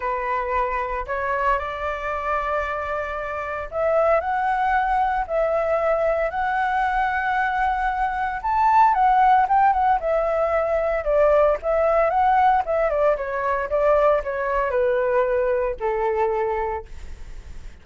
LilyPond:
\new Staff \with { instrumentName = "flute" } { \time 4/4 \tempo 4 = 114 b'2 cis''4 d''4~ | d''2. e''4 | fis''2 e''2 | fis''1 |
a''4 fis''4 g''8 fis''8 e''4~ | e''4 d''4 e''4 fis''4 | e''8 d''8 cis''4 d''4 cis''4 | b'2 a'2 | }